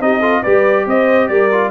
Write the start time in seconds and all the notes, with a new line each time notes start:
0.00 C4 D#4 G4 D#5
0.20 F4 A4
0.42 G3 G4 B4 D5
0.86 C4 C5 D#5
1.28 G3 A#4 D5
1.52 F4